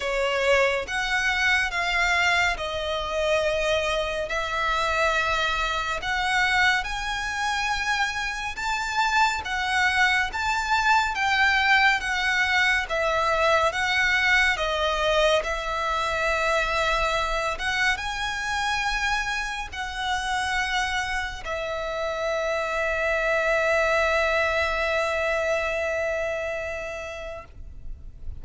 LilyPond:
\new Staff \with { instrumentName = "violin" } { \time 4/4 \tempo 4 = 70 cis''4 fis''4 f''4 dis''4~ | dis''4 e''2 fis''4 | gis''2 a''4 fis''4 | a''4 g''4 fis''4 e''4 |
fis''4 dis''4 e''2~ | e''8 fis''8 gis''2 fis''4~ | fis''4 e''2.~ | e''1 | }